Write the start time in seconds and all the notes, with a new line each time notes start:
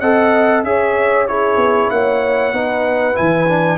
0.00 C4 A4 D#5 F#5
0.64 C#4 G#4 C#5 E5
1.27 E4 G#4 C#5
1.56 B3
1.90 A#3 C#5 F#5
2.53 B3 D#4 B4
3.14 E3 E4 G#5
3.48 D4